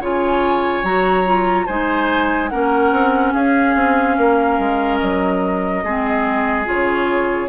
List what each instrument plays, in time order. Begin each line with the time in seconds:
0.00 bassoon C#3, clarinet F4, oboe C#5, flute G#5
0.83 bassoon F#3, clarinet F#4, flute A#5
1.25 clarinet F4
1.66 bassoon G#3, clarinet D#4, oboe C5, flute G#5
2.49 bassoon A#3, clarinet C#4, oboe A#4, flute F#5
2.91 bassoon C4
3.33 bassoon C#4, oboe G#4, flute F5
3.75 bassoon C4
4.17 bassoon A#3, oboe A#4
4.58 bassoon G#3
4.98 bassoon F#3, flute D#5
5.83 bassoon G#3, clarinet C4, oboe G#4
6.65 bassoon C#3, clarinet F4, flute C#5